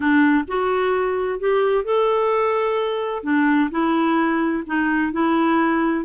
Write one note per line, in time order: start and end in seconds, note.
0.00 0.44 D4
0.47 1.39 F#4
1.39 1.84 G4
1.84 3.23 A4
3.23 3.70 D4
3.70 4.63 E4
4.66 5.12 D#4
5.12 6.05 E4